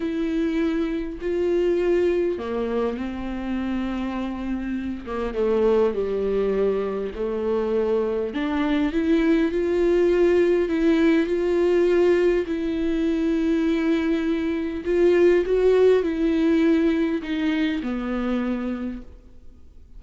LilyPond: \new Staff \with { instrumentName = "viola" } { \time 4/4 \tempo 4 = 101 e'2 f'2 | ais4 c'2.~ | c'8 ais8 a4 g2 | a2 d'4 e'4 |
f'2 e'4 f'4~ | f'4 e'2.~ | e'4 f'4 fis'4 e'4~ | e'4 dis'4 b2 | }